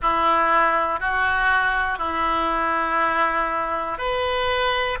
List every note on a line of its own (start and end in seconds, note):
0.02 1.00 E4
1.00 1.98 F#4
1.98 3.98 E4
3.98 4.98 B4